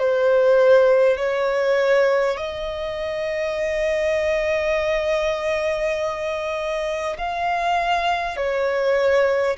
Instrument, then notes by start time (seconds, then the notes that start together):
violin
0.00 C5
1.17 C#5
2.38 D#5
7.18 F5
8.37 C#5